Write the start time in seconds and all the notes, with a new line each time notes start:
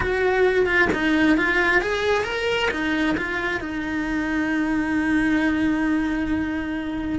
0.00 F#4
0.65 F4
0.92 D#4
1.37 F4
1.81 G#4
2.24 A#4
2.70 D#4
3.17 F4
3.60 D#4